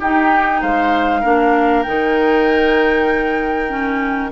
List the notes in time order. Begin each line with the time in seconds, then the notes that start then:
0.00 D#4 G4 G5
0.61 G#3 C5 F5
1.21 A#3 D4 A#4
1.83 D#3 D#4 G5
3.69 C#4